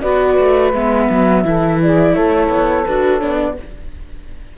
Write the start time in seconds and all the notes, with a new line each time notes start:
0.00 B3 F#4 B4 D5
0.39 A3
0.73 G#3 B3 E5
1.10 F#3
1.45 E3 E4 A4
1.82 G#4 D5
2.13 A3 A4 C#5
2.49 B3
2.85 D4 F#4 B4
3.18 B3 D4 C#5
3.39 D5